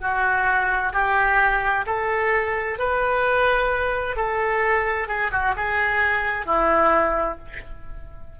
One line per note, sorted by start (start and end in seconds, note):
0.00 0.92 F#4
0.93 1.85 G4
1.86 2.78 A4
2.78 4.16 B4
4.16 5.08 A4
5.08 5.31 G#4
5.31 5.54 F#4
5.56 6.46 G#4
6.46 7.38 E4